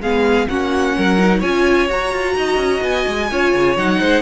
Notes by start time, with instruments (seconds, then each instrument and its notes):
0.00 cello G#3, viola B3, violin G#4 F5
0.48 cello A#3, viola C#4, violin F#4 F#5
0.96 cello F#3, violin A#4
1.18 viola D#4
1.39 cello C#4, viola F4, violin C#5 G#5
1.88 viola F#4, cello F#4, violin A#5
2.12 cello F4
2.36 cello D#4, violin D#5
2.56 cello C#4
2.81 cello B3, violin G#5
3.07 cello G#3
3.30 cello C#4, viola F4, violin C#5
3.54 cello C#3
3.76 cello F#3, viola D#4, violin F#5
4.00 cello G#3, violin C5